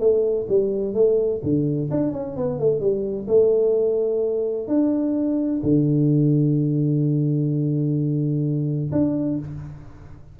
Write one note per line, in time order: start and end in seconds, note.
0.00 0.47 A3
0.49 0.94 G3
0.94 1.41 A3
1.44 1.90 D3
1.91 2.13 D4
2.13 2.37 C#4
2.37 2.60 B3
2.60 2.80 A3
2.80 3.27 G3
3.28 4.68 A3
4.68 5.62 D4
5.63 8.91 D3
8.92 9.39 D4